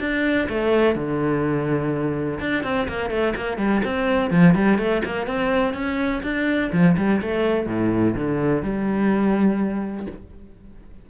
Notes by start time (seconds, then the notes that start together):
0.00 D4
0.49 A3
0.95 D3
2.40 D4
2.64 C4
2.88 A#3
3.10 A3
3.36 A#3
3.58 G3
3.85 C4
4.30 F3
4.55 G3
4.78 A3
5.05 A#3
5.26 C4
5.74 C#4
6.23 D4
6.72 F3
6.97 G3
7.22 A3
7.67 A2
8.16 D3
8.63 G3